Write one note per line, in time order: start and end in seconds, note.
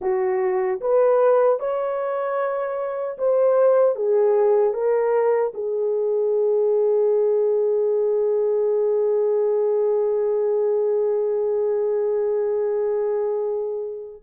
0.01 0.80 F#4
0.81 1.59 B4
1.59 3.17 C#5
3.18 3.95 C5
3.95 4.73 G#4
4.73 5.52 A#4
5.53 14.22 G#4